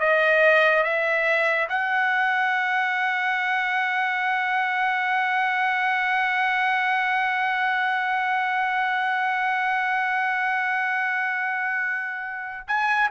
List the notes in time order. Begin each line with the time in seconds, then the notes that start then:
0.00 D#5
0.84 E5
1.69 F#5
12.68 G#5